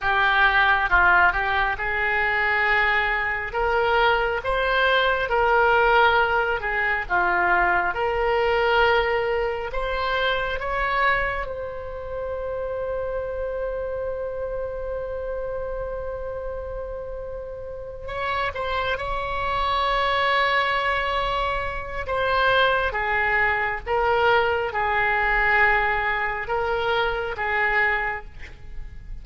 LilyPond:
\new Staff \with { instrumentName = "oboe" } { \time 4/4 \tempo 4 = 68 g'4 f'8 g'8 gis'2 | ais'4 c''4 ais'4. gis'8 | f'4 ais'2 c''4 | cis''4 c''2.~ |
c''1~ | c''8 cis''8 c''8 cis''2~ cis''8~ | cis''4 c''4 gis'4 ais'4 | gis'2 ais'4 gis'4 | }